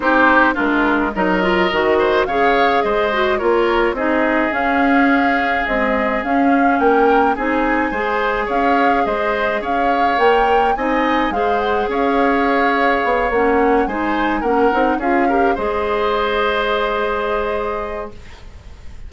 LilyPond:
<<
  \new Staff \with { instrumentName = "flute" } { \time 4/4 \tempo 4 = 106 c''4 ais'4 dis''2 | f''4 dis''4 cis''4 dis''4 | f''2 dis''4 f''4 | g''4 gis''2 f''4 |
dis''4 f''4 g''4 gis''4 | f''8 fis''8 f''2~ f''8 fis''8~ | fis''8 gis''4 fis''4 f''4 dis''8~ | dis''1 | }
  \new Staff \with { instrumentName = "oboe" } { \time 4/4 g'4 f'4 ais'4. c''8 | cis''4 c''4 ais'4 gis'4~ | gis'1 | ais'4 gis'4 c''4 cis''4 |
c''4 cis''2 dis''4 | c''4 cis''2.~ | cis''8 c''4 ais'4 gis'8 ais'8 c''8~ | c''1 | }
  \new Staff \with { instrumentName = "clarinet" } { \time 4/4 dis'4 d'4 dis'8 f'8 fis'4 | gis'4. fis'8 f'4 dis'4 | cis'2 gis4 cis'4~ | cis'4 dis'4 gis'2~ |
gis'2 ais'4 dis'4 | gis'2.~ gis'8 cis'8~ | cis'8 dis'4 cis'8 dis'8 f'8 g'8 gis'8~ | gis'1 | }
  \new Staff \with { instrumentName = "bassoon" } { \time 4/4 c'4 gis4 fis4 dis4 | cis4 gis4 ais4 c'4 | cis'2 c'4 cis'4 | ais4 c'4 gis4 cis'4 |
gis4 cis'4 ais4 c'4 | gis4 cis'2 b8 ais8~ | ais8 gis4 ais8 c'8 cis'4 gis8~ | gis1 | }
>>